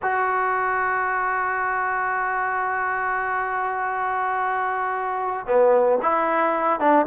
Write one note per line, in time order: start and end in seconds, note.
0.02 5.46 F#4
5.46 5.99 B3
6.02 6.80 E4
6.80 7.06 D4